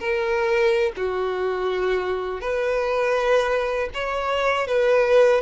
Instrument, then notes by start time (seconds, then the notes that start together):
violin
0.00 A#4
0.97 F#4
2.41 B4
3.94 C#5
4.68 B4